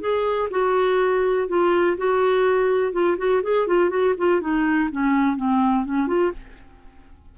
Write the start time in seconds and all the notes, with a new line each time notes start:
0.00 G#4
0.50 F#4
1.48 F4
1.97 F#4
2.92 F4
3.18 F#4
3.43 G#4
3.67 F4
3.90 F#4
4.17 F4
4.41 D#4
4.91 C#4
5.37 C4
5.85 C#4
6.07 F4